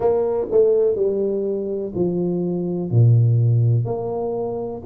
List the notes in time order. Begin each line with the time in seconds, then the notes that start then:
0.00 A#3
0.51 A3
0.95 G3
1.94 F3
2.90 A#2
3.84 A#3